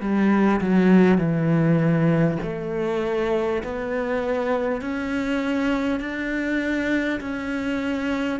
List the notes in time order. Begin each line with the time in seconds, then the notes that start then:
0.00 G3
0.60 F#3
1.18 E3
2.42 A3
3.63 B3
4.81 C#4
5.99 D4
7.20 C#4